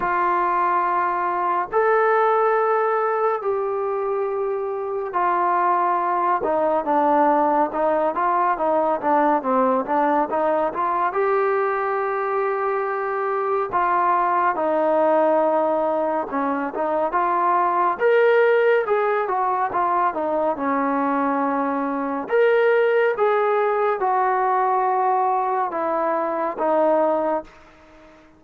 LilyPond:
\new Staff \with { instrumentName = "trombone" } { \time 4/4 \tempo 4 = 70 f'2 a'2 | g'2 f'4. dis'8 | d'4 dis'8 f'8 dis'8 d'8 c'8 d'8 | dis'8 f'8 g'2. |
f'4 dis'2 cis'8 dis'8 | f'4 ais'4 gis'8 fis'8 f'8 dis'8 | cis'2 ais'4 gis'4 | fis'2 e'4 dis'4 | }